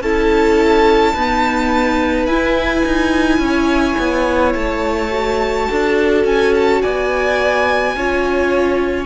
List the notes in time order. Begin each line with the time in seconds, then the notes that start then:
0.00 C#4 E4 A4 A5
1.14 B3 D#4 B4
2.26 E4 G#5
2.85 D#4
3.39 C#4
3.45 C#5
3.99 B3
4.53 A3 A5
5.12 F#4
5.69 D4 A4
6.25 C#4 G#5
6.55 A5
6.82 B3 D5 G#5
7.95 C#4 F4 C#5